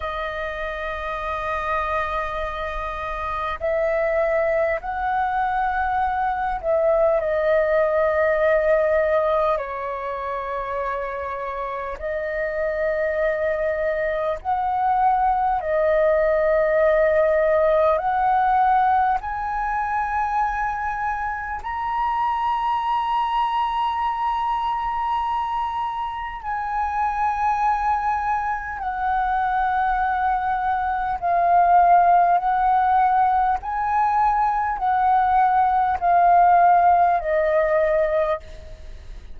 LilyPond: \new Staff \with { instrumentName = "flute" } { \time 4/4 \tempo 4 = 50 dis''2. e''4 | fis''4. e''8 dis''2 | cis''2 dis''2 | fis''4 dis''2 fis''4 |
gis''2 ais''2~ | ais''2 gis''2 | fis''2 f''4 fis''4 | gis''4 fis''4 f''4 dis''4 | }